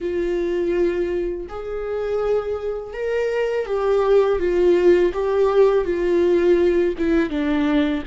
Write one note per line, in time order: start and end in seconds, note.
0.00 1.47 F4
1.48 2.93 G#4
2.93 3.66 A#4
3.66 4.39 G4
4.39 5.12 F4
5.13 5.84 G4
5.84 6.94 F4
6.97 7.29 E4
7.29 8.03 D4